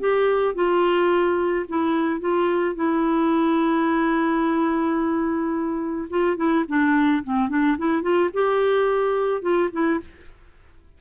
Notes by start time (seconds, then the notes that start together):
0.00 G4
0.55 F4
1.69 E4
2.20 F4
2.76 E4
6.10 F4
6.37 E4
6.68 D4
7.24 C4
7.49 D4
7.78 E4
8.02 F4
8.33 G4
9.42 F4
9.72 E4